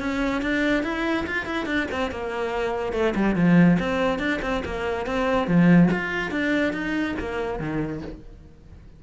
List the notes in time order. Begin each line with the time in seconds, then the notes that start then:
0.00 C#4
0.42 D4
0.84 E4
1.27 F4
1.46 E4
1.66 D4
1.91 C4
2.11 A#3
2.93 A3
3.16 G3
3.36 F3
3.80 C4
4.19 D4
4.42 C4
4.66 A#3
5.06 C4
5.48 F3
5.91 F4
6.31 D4
6.73 D#4
7.20 A#3
7.60 D#3